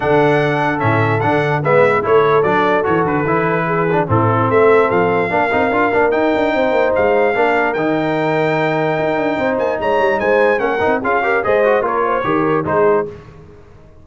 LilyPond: <<
  \new Staff \with { instrumentName = "trumpet" } { \time 4/4 \tempo 4 = 147 fis''2 e''4 fis''4 | e''4 cis''4 d''4 cis''8 b'8~ | b'2 a'4 e''4 | f''2. g''4~ |
g''4 f''2 g''4~ | g''2.~ g''8 gis''8 | ais''4 gis''4 fis''4 f''4 | dis''4 cis''2 c''4 | }
  \new Staff \with { instrumentName = "horn" } { \time 4/4 a'1 | b'4 a'2.~ | a'4 gis'4 e'4 a'4~ | a'4 ais'2. |
c''2 ais'2~ | ais'2. c''4 | cis''4 c''4 ais'4 gis'8 ais'8 | c''4 ais'8 c''8 ais'4 gis'4 | }
  \new Staff \with { instrumentName = "trombone" } { \time 4/4 d'2 cis'4 d'4 | b4 e'4 d'4 fis'4 | e'4. d'8 c'2~ | c'4 d'8 dis'8 f'8 d'8 dis'4~ |
dis'2 d'4 dis'4~ | dis'1~ | dis'2 cis'8 dis'8 f'8 g'8 | gis'8 fis'8 f'4 g'4 dis'4 | }
  \new Staff \with { instrumentName = "tuba" } { \time 4/4 d2 a,4 d4 | gis4 a4 fis4 e8 d8 | e2 a,4 a4 | f4 ais8 c'8 d'8 ais8 dis'8 d'8 |
c'8 ais8 gis4 ais4 dis4~ | dis2 dis'8 d'8 c'8 ais8 | gis8 g8 gis4 ais8 c'8 cis'4 | gis4 ais4 dis4 gis4 | }
>>